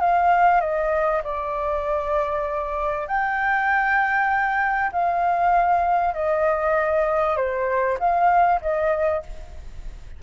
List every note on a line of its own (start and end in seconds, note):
0.00 0.60 F5
0.60 1.22 D#5
1.23 3.07 D5
3.07 4.91 G5
4.92 6.14 F5
6.14 7.36 D#5
7.36 7.98 C5
7.99 8.60 F5
8.61 9.23 D#5